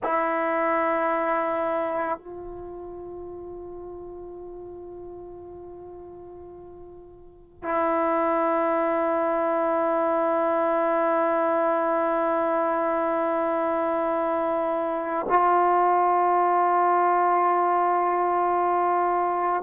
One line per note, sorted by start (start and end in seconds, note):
0.03 2.18 E4
2.18 7.63 F4
7.63 15.26 E4
15.29 19.62 F4